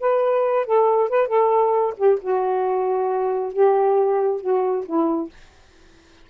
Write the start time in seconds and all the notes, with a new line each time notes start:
0.00 B4
0.66 A4
1.09 B4
1.28 A4
1.97 G4
2.21 F#4
3.53 G4
4.41 F#4
4.85 E4